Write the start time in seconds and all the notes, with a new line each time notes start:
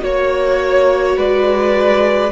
0.00 A#3 F#4 C#5
1.17 G#3 B4 D5